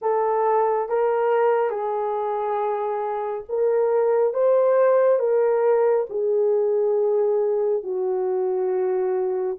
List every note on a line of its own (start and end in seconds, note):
0.01 0.88 A4
0.88 1.70 A#4
1.70 3.43 G#4
3.49 4.33 A#4
4.33 5.19 C5
5.19 6.06 A#4
6.09 7.83 G#4
7.83 9.57 F#4